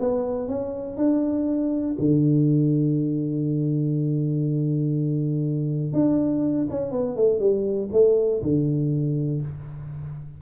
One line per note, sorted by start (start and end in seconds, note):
0.00 0.48 B3
0.48 0.97 C#4
0.97 1.97 D4
1.99 5.93 D3
5.93 6.68 D4
6.71 6.92 C#4
6.92 7.17 B3
7.17 7.40 A3
7.40 7.90 G3
7.92 8.42 A3
8.43 9.42 D3